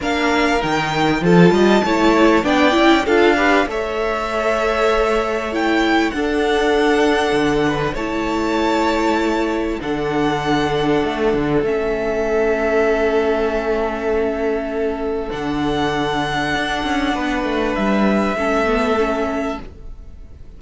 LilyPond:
<<
  \new Staff \with { instrumentName = "violin" } { \time 4/4 \tempo 4 = 98 f''4 g''4 a''2 | g''4 f''4 e''2~ | e''4 g''4 fis''2~ | fis''4 a''2. |
fis''2. e''4~ | e''1~ | e''4 fis''2.~ | fis''4 e''2. | }
  \new Staff \with { instrumentName = "violin" } { \time 4/4 ais'2 a'8 dis''8 cis''4 | d''4 a'8 b'8 cis''2~ | cis''2 a'2~ | a'8 b'8 cis''2. |
a'1~ | a'1~ | a'1 | b'2 a'2 | }
  \new Staff \with { instrumentName = "viola" } { \time 4/4 d'4 dis'4 f'4 e'4 | d'8 e'8 f'8 g'8 a'2~ | a'4 e'4 d'2~ | d'4 e'2. |
d'2. cis'4~ | cis'1~ | cis'4 d'2.~ | d'2 cis'8 b8 cis'4 | }
  \new Staff \with { instrumentName = "cello" } { \time 4/4 ais4 dis4 f8 g8 a4 | b8 cis'8 d'4 a2~ | a2 d'2 | d4 a2. |
d2 a8 d8 a4~ | a1~ | a4 d2 d'8 cis'8 | b8 a8 g4 a2 | }
>>